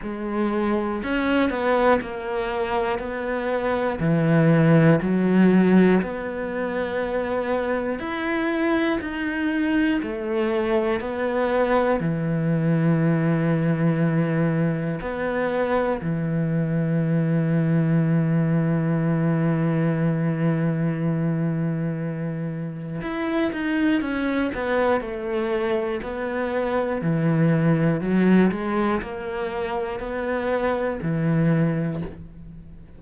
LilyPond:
\new Staff \with { instrumentName = "cello" } { \time 4/4 \tempo 4 = 60 gis4 cis'8 b8 ais4 b4 | e4 fis4 b2 | e'4 dis'4 a4 b4 | e2. b4 |
e1~ | e2. e'8 dis'8 | cis'8 b8 a4 b4 e4 | fis8 gis8 ais4 b4 e4 | }